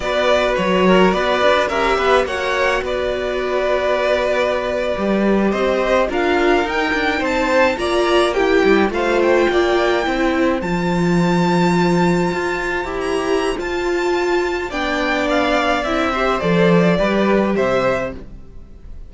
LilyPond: <<
  \new Staff \with { instrumentName = "violin" } { \time 4/4 \tempo 4 = 106 d''4 cis''4 d''4 e''4 | fis''4 d''2.~ | d''4.~ d''16 dis''4 f''4 g''16~ | g''8. a''4 ais''4 g''4 f''16~ |
f''16 g''2~ g''8 a''4~ a''16~ | a''2. ais''4 | a''2 g''4 f''4 | e''4 d''2 e''4 | }
  \new Staff \with { instrumentName = "violin" } { \time 4/4 b'4. ais'8 b'4 ais'8 b'8 | cis''4 b'2.~ | b'4.~ b'16 c''4 ais'4~ ais'16~ | ais'8. c''4 d''4 g'4 c''16~ |
c''8. d''4 c''2~ c''16~ | c''1~ | c''2 d''2~ | d''8 c''4. b'4 c''4 | }
  \new Staff \with { instrumentName = "viola" } { \time 4/4 fis'2. g'4 | fis'1~ | fis'8. g'2 f'4 dis'16~ | dis'4.~ dis'16 f'4 e'4 f'16~ |
f'4.~ f'16 e'4 f'4~ f'16~ | f'2~ f'8. g'4~ g'16 | f'2 d'2 | e'8 g'8 a'4 g'2 | }
  \new Staff \with { instrumentName = "cello" } { \time 4/4 b4 fis4 b8 d'8 cis'8 b8 | ais4 b2.~ | b8. g4 c'4 d'4 dis'16~ | dis'16 d'8 c'4 ais4. g8 a16~ |
a8. ais4 c'4 f4~ f16~ | f4.~ f16 f'4 e'4~ e'16 | f'2 b2 | c'4 f4 g4 c4 | }
>>